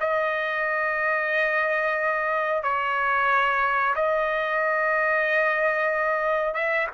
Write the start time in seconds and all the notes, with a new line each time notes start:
0.00 D#5
2.63 C#5
3.95 D#5
6.54 E5